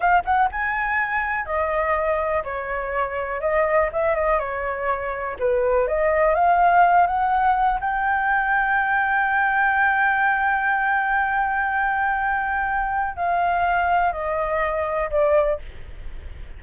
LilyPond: \new Staff \with { instrumentName = "flute" } { \time 4/4 \tempo 4 = 123 f''8 fis''8 gis''2 dis''4~ | dis''4 cis''2 dis''4 | e''8 dis''8 cis''2 b'4 | dis''4 f''4. fis''4. |
g''1~ | g''1~ | g''2. f''4~ | f''4 dis''2 d''4 | }